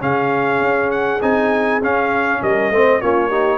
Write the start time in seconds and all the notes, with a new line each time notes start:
0.00 C#3 C#4 G#4 F5
0.61 C#4
0.91 F#5
1.21 C4 D#4 G#5
1.81 C#4 F5
2.42 G3 A#4 D#5
2.71 A3 C4 C5
3.01 A#3 C#4 F4 C#5
3.29 D#4 G4